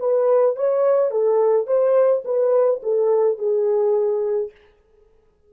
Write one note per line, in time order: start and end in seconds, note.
0.00 0.56 B4
0.56 1.11 C#5
1.11 1.67 A4
1.67 2.23 C5
2.25 2.81 B4
2.83 3.38 A4
3.38 4.51 G#4